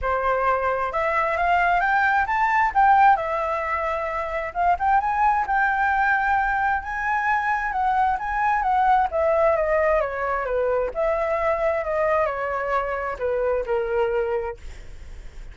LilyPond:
\new Staff \with { instrumentName = "flute" } { \time 4/4 \tempo 4 = 132 c''2 e''4 f''4 | g''4 a''4 g''4 e''4~ | e''2 f''8 g''8 gis''4 | g''2. gis''4~ |
gis''4 fis''4 gis''4 fis''4 | e''4 dis''4 cis''4 b'4 | e''2 dis''4 cis''4~ | cis''4 b'4 ais'2 | }